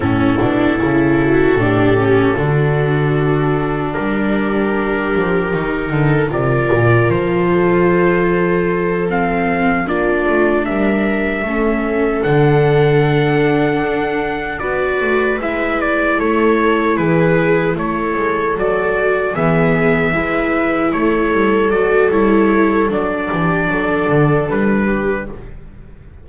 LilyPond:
<<
  \new Staff \with { instrumentName = "trumpet" } { \time 4/4 \tempo 4 = 76 a'1~ | a'4 ais'2. | d''4 c''2~ c''8 f''8~ | f''8 d''4 e''2 fis''8~ |
fis''2~ fis''8 d''4 e''8 | d''8 cis''4 b'4 cis''4 d''8~ | d''8 e''2 cis''4 d''8 | cis''4 d''2 b'4 | }
  \new Staff \with { instrumentName = "viola" } { \time 4/4 e'4. fis'8 g'4 fis'4~ | fis'4 g'2~ g'8 a'8 | ais'4. a'2~ a'8~ | a'8 f'4 ais'4 a'4.~ |
a'2~ a'8 b'4.~ | b'8 a'4 gis'4 a'4.~ | a'8 gis'4 b'4 a'4.~ | a'4. g'8 a'4. g'8 | }
  \new Staff \with { instrumentName = "viola" } { \time 4/4 cis'8 d'8 e'4 d'8 cis'8 d'4~ | d'2. dis'4 | f'2.~ f'8 c'8~ | c'8 d'2 cis'4 d'8~ |
d'2~ d'8 fis'4 e'8~ | e'2.~ e'8 fis'8~ | fis'8 b4 e'2 fis'8 | e'4 d'2. | }
  \new Staff \with { instrumentName = "double bass" } { \time 4/4 a,8 b,8 cis4 a,4 d4~ | d4 g4. f8 dis8 d8 | c8 ais,8 f2.~ | f8 ais8 a8 g4 a4 d8~ |
d4. d'4 b8 a8 gis8~ | gis8 a4 e4 a8 gis8 fis8~ | fis8 e4 gis4 a8 g8 fis8 | g4 fis8 e8 fis8 d8 g4 | }
>>